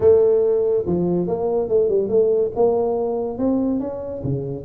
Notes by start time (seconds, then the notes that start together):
0.00 A3
0.86 F3
1.27 A#3
1.69 A3
1.89 G3
2.09 A3
2.55 A#3
3.38 C4
3.80 C#4
4.23 C#3